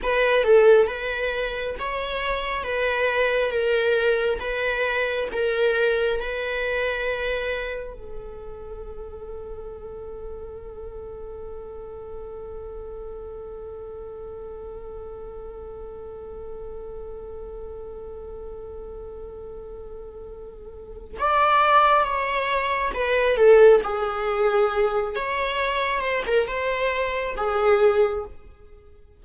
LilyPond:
\new Staff \with { instrumentName = "viola" } { \time 4/4 \tempo 4 = 68 b'8 a'8 b'4 cis''4 b'4 | ais'4 b'4 ais'4 b'4~ | b'4 a'2.~ | a'1~ |
a'1~ | a'1 | d''4 cis''4 b'8 a'8 gis'4~ | gis'8 cis''4 c''16 ais'16 c''4 gis'4 | }